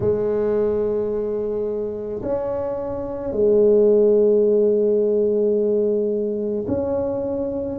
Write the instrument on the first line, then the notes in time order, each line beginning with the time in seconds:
tuba
0.00 G#3
2.22 C#4
3.32 G#3
6.67 C#4